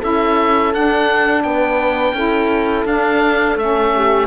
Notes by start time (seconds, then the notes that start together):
0.00 C#4 E4 A4 E5
0.74 D4 F#5
1.43 B3 B4 G5
2.13 C#4 E4 A4
2.85 D4 F5
3.56 A3 C#4 E5
3.96 G4